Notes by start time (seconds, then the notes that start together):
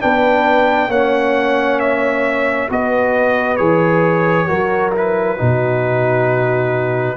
0.00 B3 D4 B4 G5
0.88 A#3 C#4 C#5 F#5
1.79 E5
2.70 B3 F#4 B4 D#5
3.56 E3 G#4 C#5
4.47 F#3 F#4 A#4
4.93 E4 B4
5.37 B2 D#4 F#4